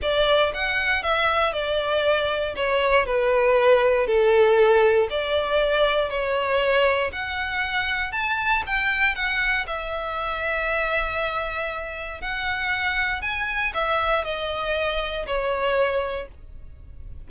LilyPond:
\new Staff \with { instrumentName = "violin" } { \time 4/4 \tempo 4 = 118 d''4 fis''4 e''4 d''4~ | d''4 cis''4 b'2 | a'2 d''2 | cis''2 fis''2 |
a''4 g''4 fis''4 e''4~ | e''1 | fis''2 gis''4 e''4 | dis''2 cis''2 | }